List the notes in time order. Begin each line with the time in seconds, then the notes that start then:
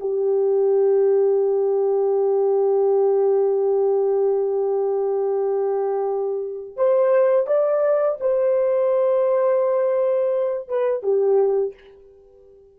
0.00 G4
6.77 C5
7.47 D5
8.20 C5
10.69 B4
11.03 G4